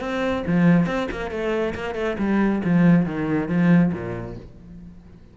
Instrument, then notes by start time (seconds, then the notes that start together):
cello
0.00 C4
0.46 F3
0.86 C4
1.11 A#3
1.31 A3
1.75 A#3
1.95 A3
2.19 G3
2.64 F3
3.06 D#3
3.49 F3
3.93 A#2